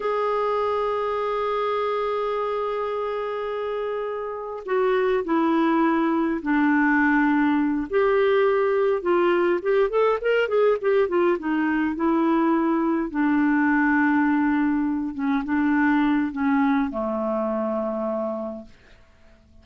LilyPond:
\new Staff \with { instrumentName = "clarinet" } { \time 4/4 \tempo 4 = 103 gis'1~ | gis'1 | fis'4 e'2 d'4~ | d'4. g'2 f'8~ |
f'8 g'8 a'8 ais'8 gis'8 g'8 f'8 dis'8~ | dis'8 e'2 d'4.~ | d'2 cis'8 d'4. | cis'4 a2. | }